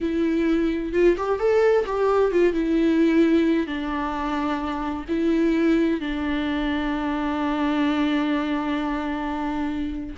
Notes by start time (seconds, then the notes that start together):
0.00 E4
0.93 F4
1.17 G4
1.39 A4
1.86 G4
2.31 F4
2.53 E4
3.66 D4
5.08 E4
6.00 D4